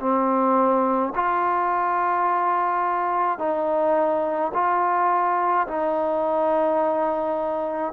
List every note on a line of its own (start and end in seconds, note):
0.00 1.13 C4
1.15 3.39 F4
3.39 4.52 D#4
4.54 5.68 F4
5.68 7.93 D#4